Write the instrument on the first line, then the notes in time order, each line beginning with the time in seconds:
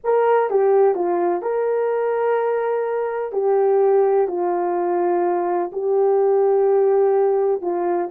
horn
0.03 A#4
0.50 G4
0.95 F4
1.42 A#4
3.32 G4
4.27 F4
5.72 G4
7.61 F4